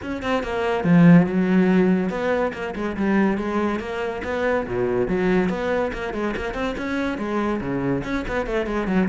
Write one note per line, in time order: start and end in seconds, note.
0.02 0.22 C#4
0.22 0.43 C4
0.43 0.84 A#3
0.84 1.26 F3
1.26 2.09 F#3
2.09 2.51 B3
2.53 2.74 A#3
2.75 2.96 G#3
2.97 3.37 G3
3.37 3.79 G#3
3.79 4.21 A#3
4.24 4.66 B3
4.67 5.08 B2
5.08 5.49 F#3
5.49 5.91 B3
5.92 6.13 A#3
6.13 6.34 G#3
6.36 6.54 A#3
6.54 6.75 C4
6.77 7.18 C#4
7.18 7.60 G#3
7.61 8.03 C#3
8.04 8.25 C#4
8.27 8.46 B3
8.46 8.66 A3
8.66 8.87 G#3
8.87 9.08 F#3